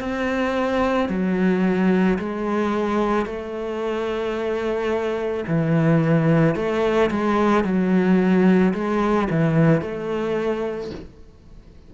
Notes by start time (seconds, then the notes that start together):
0.00 C4
1.09 F#3
2.19 G#3
3.26 A3
5.47 E3
6.56 A3
7.11 G#3
7.64 F#3
8.74 G#3
9.30 E3
9.81 A3